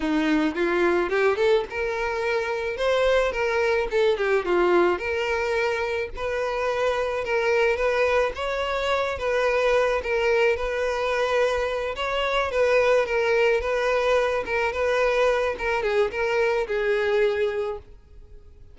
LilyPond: \new Staff \with { instrumentName = "violin" } { \time 4/4 \tempo 4 = 108 dis'4 f'4 g'8 a'8 ais'4~ | ais'4 c''4 ais'4 a'8 g'8 | f'4 ais'2 b'4~ | b'4 ais'4 b'4 cis''4~ |
cis''8 b'4. ais'4 b'4~ | b'4. cis''4 b'4 ais'8~ | ais'8 b'4. ais'8 b'4. | ais'8 gis'8 ais'4 gis'2 | }